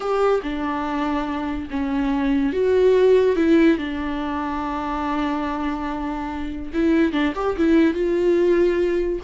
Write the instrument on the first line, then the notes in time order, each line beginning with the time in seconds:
viola
0.00 G4
0.42 D4
1.70 C#4
2.53 F#4
3.36 E4
3.78 D4
6.73 E4
7.12 D4
7.35 G4
7.57 E4
7.93 F4